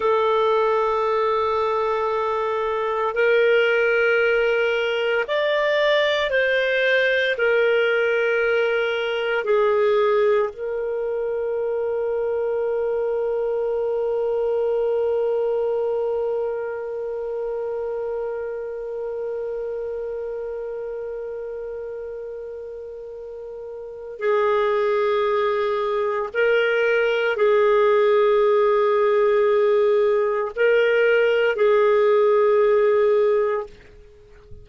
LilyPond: \new Staff \with { instrumentName = "clarinet" } { \time 4/4 \tempo 4 = 57 a'2. ais'4~ | ais'4 d''4 c''4 ais'4~ | ais'4 gis'4 ais'2~ | ais'1~ |
ais'1~ | ais'2. gis'4~ | gis'4 ais'4 gis'2~ | gis'4 ais'4 gis'2 | }